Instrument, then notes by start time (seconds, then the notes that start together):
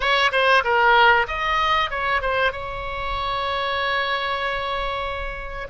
oboe
0.00 C#5
0.31 C5
0.63 A#4
1.27 D#5
1.90 C#5
2.21 C5
2.51 C#5